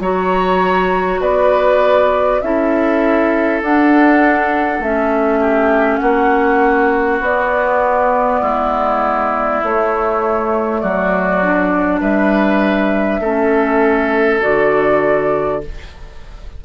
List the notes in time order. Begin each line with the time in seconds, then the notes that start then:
0.00 F#3 F#4 C#5 A#5
1.20 B3 B4 D5
2.41 C#4 E4 A4 E5
3.62 D4 F#5
4.79 A3 C#4 E5
5.40 G4
5.97 A#3 F#4 F#5
7.20 B3 D5
8.40 G#3 E4
9.63 A3 C#5
10.80 F#3 F#4 D5
11.43 D4
12.00 G3 B4 E5
13.20 A3 C#4 A4
14.41 D3 F#4 D5